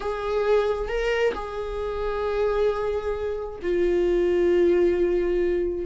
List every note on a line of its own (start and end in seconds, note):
0.00 0.88 G#4
0.88 1.33 A#4
1.33 3.59 G#4
3.62 5.85 F4